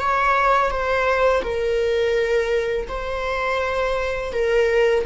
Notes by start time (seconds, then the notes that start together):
0.00 C#5
0.71 C5
1.43 A#4
2.88 C5
4.33 A#4